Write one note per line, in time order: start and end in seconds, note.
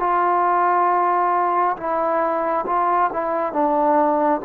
0.00 1.76 F4
1.77 2.66 E4
2.67 3.11 F4
3.13 3.53 E4
3.53 4.41 D4